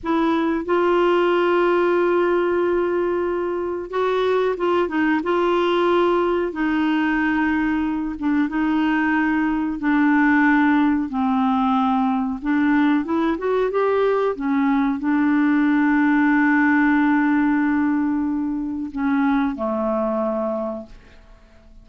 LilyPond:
\new Staff \with { instrumentName = "clarinet" } { \time 4/4 \tempo 4 = 92 e'4 f'2.~ | f'2 fis'4 f'8 dis'8 | f'2 dis'2~ | dis'8 d'8 dis'2 d'4~ |
d'4 c'2 d'4 | e'8 fis'8 g'4 cis'4 d'4~ | d'1~ | d'4 cis'4 a2 | }